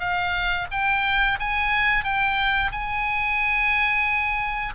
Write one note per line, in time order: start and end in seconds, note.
0.00 0.67 F5
0.72 1.39 G5
1.40 2.04 G#5
2.04 2.72 G5
2.72 4.75 G#5